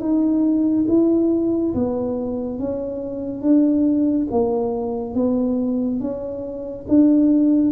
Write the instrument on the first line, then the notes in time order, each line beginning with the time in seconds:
tuba
0.00 D#4
0.88 E4
1.75 B3
2.59 C#4
3.42 D4
4.31 A#3
5.15 B3
6.00 C#4
6.88 D4